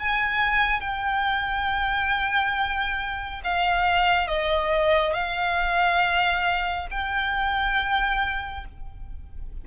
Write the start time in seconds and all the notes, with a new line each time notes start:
0.00 G#5
0.81 G5
3.44 F5
4.28 D#5
5.14 F5
6.91 G5